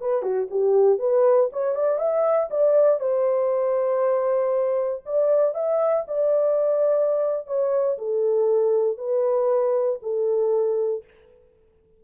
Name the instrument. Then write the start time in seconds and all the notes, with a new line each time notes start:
horn
0.00 B4
0.22 F#4
0.50 G4
0.99 B4
1.52 C#5
1.75 D5
1.98 E5
2.50 D5
3.00 C5
5.05 D5
5.54 E5
6.07 D5
7.47 C#5
7.98 A4
8.97 B4
10.02 A4